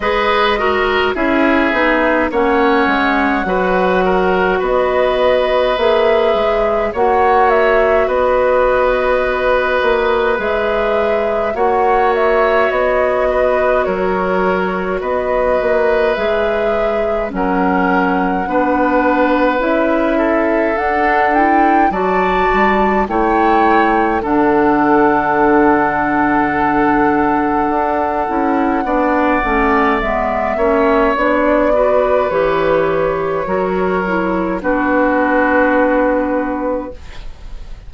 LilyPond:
<<
  \new Staff \with { instrumentName = "flute" } { \time 4/4 \tempo 4 = 52 dis''4 e''4 fis''2 | dis''4 e''4 fis''8 e''8 dis''4~ | dis''4 e''4 fis''8 e''8 dis''4 | cis''4 dis''4 e''4 fis''4~ |
fis''4 e''4 fis''8 g''8 a''4 | g''4 fis''2.~ | fis''2 e''4 d''4 | cis''2 b'2 | }
  \new Staff \with { instrumentName = "oboe" } { \time 4/4 b'8 ais'8 gis'4 cis''4 b'8 ais'8 | b'2 cis''4 b'4~ | b'2 cis''4. b'8 | ais'4 b'2 ais'4 |
b'4. a'4. d''4 | cis''4 a'2.~ | a'4 d''4. cis''4 b'8~ | b'4 ais'4 fis'2 | }
  \new Staff \with { instrumentName = "clarinet" } { \time 4/4 gis'8 fis'8 e'8 dis'8 cis'4 fis'4~ | fis'4 gis'4 fis'2~ | fis'4 gis'4 fis'2~ | fis'2 gis'4 cis'4 |
d'4 e'4 d'8 e'8 fis'4 | e'4 d'2.~ | d'8 e'8 d'8 cis'8 b8 cis'8 d'8 fis'8 | g'4 fis'8 e'8 d'2 | }
  \new Staff \with { instrumentName = "bassoon" } { \time 4/4 gis4 cis'8 b8 ais8 gis8 fis4 | b4 ais8 gis8 ais4 b4~ | b8 ais8 gis4 ais4 b4 | fis4 b8 ais8 gis4 fis4 |
b4 cis'4 d'4 fis8 g8 | a4 d2. | d'8 cis'8 b8 a8 gis8 ais8 b4 | e4 fis4 b2 | }
>>